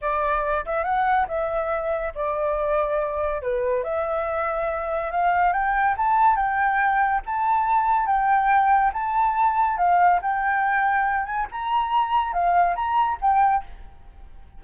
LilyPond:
\new Staff \with { instrumentName = "flute" } { \time 4/4 \tempo 4 = 141 d''4. e''8 fis''4 e''4~ | e''4 d''2. | b'4 e''2. | f''4 g''4 a''4 g''4~ |
g''4 a''2 g''4~ | g''4 a''2 f''4 | g''2~ g''8 gis''8 ais''4~ | ais''4 f''4 ais''4 g''4 | }